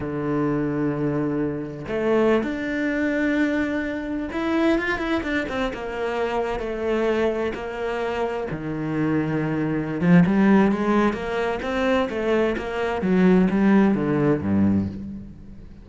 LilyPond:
\new Staff \with { instrumentName = "cello" } { \time 4/4 \tempo 4 = 129 d1 | a4~ a16 d'2~ d'8.~ | d'4~ d'16 e'4 f'8 e'8 d'8 c'16~ | c'16 ais2 a4.~ a16~ |
a16 ais2 dis4.~ dis16~ | dis4. f8 g4 gis4 | ais4 c'4 a4 ais4 | fis4 g4 d4 g,4 | }